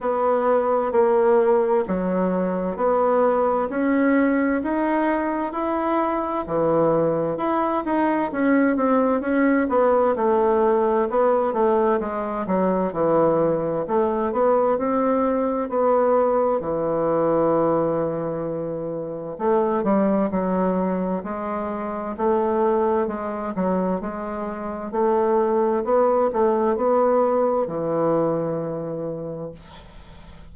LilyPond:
\new Staff \with { instrumentName = "bassoon" } { \time 4/4 \tempo 4 = 65 b4 ais4 fis4 b4 | cis'4 dis'4 e'4 e4 | e'8 dis'8 cis'8 c'8 cis'8 b8 a4 | b8 a8 gis8 fis8 e4 a8 b8 |
c'4 b4 e2~ | e4 a8 g8 fis4 gis4 | a4 gis8 fis8 gis4 a4 | b8 a8 b4 e2 | }